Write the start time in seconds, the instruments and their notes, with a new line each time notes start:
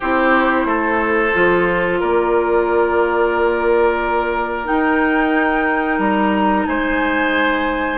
0.00 bassoon C4, clarinet E4, oboe G4, flute C5
0.65 bassoon A3, oboe A4
1.33 bassoon F3, clarinet F4
1.99 bassoon A#3, oboe A#4, flute D5
4.65 clarinet D#4, bassoon D#4, flute G5
5.98 bassoon G3, flute A#5
6.66 bassoon G#3, oboe C5, flute G#5